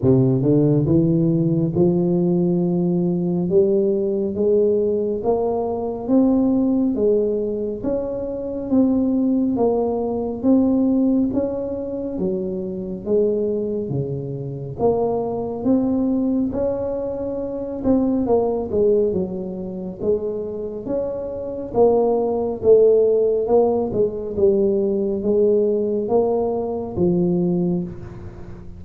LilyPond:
\new Staff \with { instrumentName = "tuba" } { \time 4/4 \tempo 4 = 69 c8 d8 e4 f2 | g4 gis4 ais4 c'4 | gis4 cis'4 c'4 ais4 | c'4 cis'4 fis4 gis4 |
cis4 ais4 c'4 cis'4~ | cis'8 c'8 ais8 gis8 fis4 gis4 | cis'4 ais4 a4 ais8 gis8 | g4 gis4 ais4 f4 | }